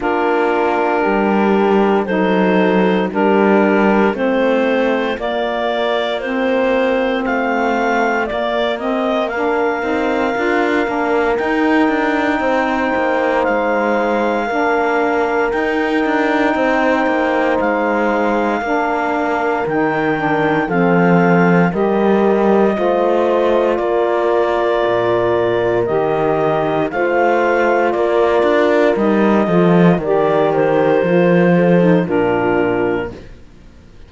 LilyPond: <<
  \new Staff \with { instrumentName = "clarinet" } { \time 4/4 \tempo 4 = 58 ais'2 c''4 ais'4 | c''4 d''4 c''4 f''4 | d''8 dis''8 f''2 g''4~ | g''4 f''2 g''4~ |
g''4 f''2 g''4 | f''4 dis''2 d''4~ | d''4 dis''4 f''4 d''4 | dis''4 d''8 c''4. ais'4 | }
  \new Staff \with { instrumentName = "horn" } { \time 4/4 f'4 g'4 a'4 g'4 | f'1~ | f'4 ais'2. | c''2 ais'2 |
c''2 ais'2 | a'4 ais'4 c''4 ais'4~ | ais'2 c''4 ais'4~ | ais'8 a'8 ais'4. a'8 f'4 | }
  \new Staff \with { instrumentName = "saxophone" } { \time 4/4 d'2 dis'4 d'4 | c'4 ais4 c'2 | ais8 c'8 d'8 dis'8 f'8 d'8 dis'4~ | dis'2 d'4 dis'4~ |
dis'2 d'4 dis'8 d'8 | c'4 g'4 f'2~ | f'4 g'4 f'2 | dis'8 f'8 g'4 f'8. dis'16 d'4 | }
  \new Staff \with { instrumentName = "cello" } { \time 4/4 ais4 g4 fis4 g4 | a4 ais2 a4 | ais4. c'8 d'8 ais8 dis'8 d'8 | c'8 ais8 gis4 ais4 dis'8 d'8 |
c'8 ais8 gis4 ais4 dis4 | f4 g4 a4 ais4 | ais,4 dis4 a4 ais8 d'8 | g8 f8 dis4 f4 ais,4 | }
>>